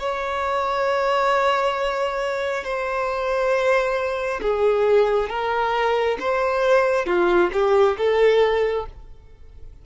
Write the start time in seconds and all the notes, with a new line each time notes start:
0.00 C#5
2.64 C5
4.42 G#4
5.30 A#4
6.20 C5
7.06 F4
7.53 G4
7.98 A4